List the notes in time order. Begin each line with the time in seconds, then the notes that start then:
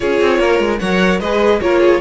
0.00 C#4 F4 G#4 C#5
0.21 C4
0.39 A#3 A#4
0.59 G#3
0.79 F#3 A#4 C#5 F#5
1.20 G#3 G#4 B4 D#5
1.60 A#3 F4 A#4 C#5
1.79 G#4